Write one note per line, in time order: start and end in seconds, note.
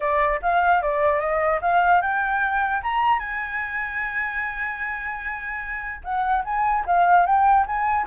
0.00 0.40 D5
0.42 0.82 F5
0.82 1.20 D5
1.20 1.60 D#5
1.61 2.01 F5
2.01 2.82 G5
2.82 3.19 A#5
3.19 6.01 G#5
6.03 6.44 F#5
6.44 6.84 G#5
6.86 7.26 F5
7.26 7.66 G5
7.66 8.06 G#5